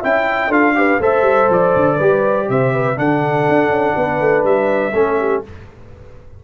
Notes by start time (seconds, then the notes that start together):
0.00 C#4 E4 E5 G5
0.48 D4 F4 A4 F5
0.75 G4 B4
1.00 A3 A4 C5 E5
1.22 G3
1.50 F3 D5
1.76 D3
1.96 G3 G4 B4
2.49 C3 C5 E5
2.74 B4
2.96 D3 D4 A4 F#5
3.49 D4
3.69 C#4
3.96 B3 B4
4.20 A3
4.44 G3 E5
4.94 A3 C#4 A4
5.19 G4